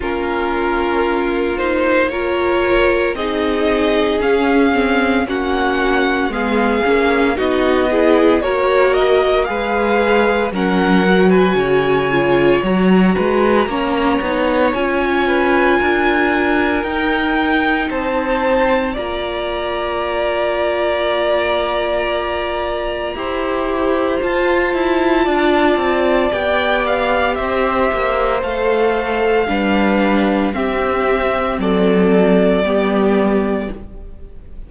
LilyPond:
<<
  \new Staff \with { instrumentName = "violin" } { \time 4/4 \tempo 4 = 57 ais'4. c''8 cis''4 dis''4 | f''4 fis''4 f''4 dis''4 | cis''8 dis''8 f''4 fis''8. gis''4~ gis''16 | ais''2 gis''2 |
g''4 a''4 ais''2~ | ais''2. a''4~ | a''4 g''8 f''8 e''4 f''4~ | f''4 e''4 d''2 | }
  \new Staff \with { instrumentName = "violin" } { \time 4/4 f'2 ais'4 gis'4~ | gis'4 fis'4 gis'4 fis'8 gis'8 | ais'4 b'4 ais'8. b'16 cis''4~ | cis''8 b'8 cis''4. b'8 ais'4~ |
ais'4 c''4 d''2~ | d''2 c''2 | d''2 c''2 | b'4 g'4 a'4 g'4 | }
  \new Staff \with { instrumentName = "viola" } { \time 4/4 cis'4. dis'8 f'4 dis'4 | cis'8 c'8 cis'4 b8 cis'8 dis'8 e'8 | fis'4 gis'4 cis'8 fis'4 f'8 | fis'4 cis'8 dis'8 f'2 |
dis'2 f'2~ | f'2 g'4 f'4~ | f'4 g'2 a'4 | d'4 c'2 b4 | }
  \new Staff \with { instrumentName = "cello" } { \time 4/4 ais2. c'4 | cis'4 ais4 gis8 ais8 b4 | ais4 gis4 fis4 cis4 | fis8 gis8 ais8 b8 cis'4 d'4 |
dis'4 c'4 ais2~ | ais2 e'4 f'8 e'8 | d'8 c'8 b4 c'8 ais8 a4 | g4 c'4 fis4 g4 | }
>>